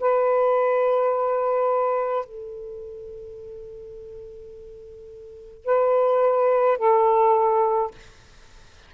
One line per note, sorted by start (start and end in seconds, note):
0.00 2.25 B4
2.25 5.65 A4
5.65 6.78 B4
6.78 7.91 A4